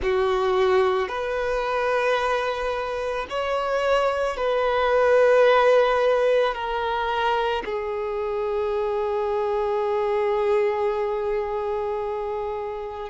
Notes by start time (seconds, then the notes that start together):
0.02 F#4
1.08 B4
3.29 C#5
4.36 B4
6.54 A#4
7.65 G#4